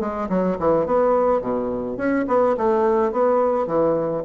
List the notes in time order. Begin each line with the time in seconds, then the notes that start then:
0.00 G#3
0.29 F#3
0.59 E3
0.86 B3
1.41 B2
1.97 C#4
2.27 B3
2.57 A3
3.12 B3
3.67 E3